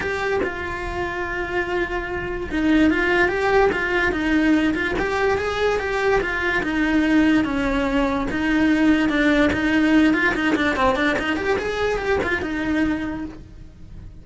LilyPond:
\new Staff \with { instrumentName = "cello" } { \time 4/4 \tempo 4 = 145 g'4 f'2.~ | f'2 dis'4 f'4 | g'4 f'4 dis'4. f'8 | g'4 gis'4 g'4 f'4 |
dis'2 cis'2 | dis'2 d'4 dis'4~ | dis'8 f'8 dis'8 d'8 c'8 d'8 dis'8 g'8 | gis'4 g'8 f'8 dis'2 | }